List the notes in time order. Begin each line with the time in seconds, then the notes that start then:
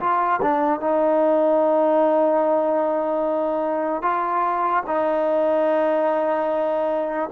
0.00 F4
0.42 D4
0.80 D#4
4.02 F4
4.86 D#4